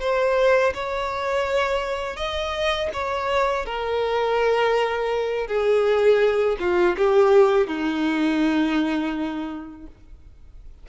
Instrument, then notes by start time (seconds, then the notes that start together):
violin
0.00 C5
0.74 C#5
2.17 D#5
2.93 C#5
3.66 A#4
5.47 G#4
6.60 F4
6.97 G4
7.67 D#4